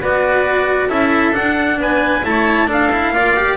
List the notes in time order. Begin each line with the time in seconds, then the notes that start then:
0.00 B3 F#4 B4 D5
0.89 C#4 E4 A4 E5
1.32 D4 F#5
1.78 B3 B4 G#5
2.22 A3 E4 A5
2.29 C#5
2.67 D4 A4 F5
2.92 E4
3.11 A#3 F4 D5
3.37 G4